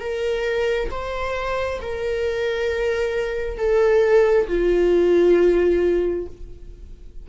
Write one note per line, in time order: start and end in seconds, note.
0.00 0.90 A#4
0.91 1.80 C5
1.81 3.58 A#4
3.58 4.47 A4
4.47 6.26 F4